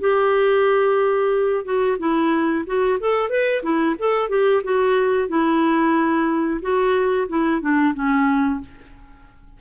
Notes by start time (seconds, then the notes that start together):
0.00 G4
1.64 F#4
1.99 E4
2.66 F#4
3.00 A4
3.29 B4
3.63 E4
3.99 A4
4.29 G4
4.63 F#4
5.28 E4
6.61 F#4
7.28 E4
7.61 D4
7.94 C#4